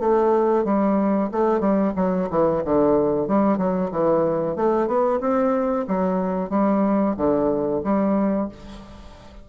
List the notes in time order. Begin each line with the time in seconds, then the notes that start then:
0.00 A3
0.65 G3
1.32 A3
1.60 G3
1.97 F#3
2.30 E3
2.65 D3
3.28 G3
3.58 F#3
3.92 E3
4.57 A3
4.88 B3
5.21 C4
5.88 F#3
6.50 G3
7.17 D3
7.84 G3